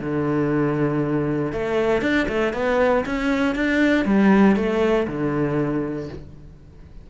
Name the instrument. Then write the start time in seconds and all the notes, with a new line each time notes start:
cello
0.00 D3
1.52 A3
2.01 D4
2.28 A3
2.53 B3
3.06 C#4
3.55 D4
4.05 G3
4.56 A3
5.07 D3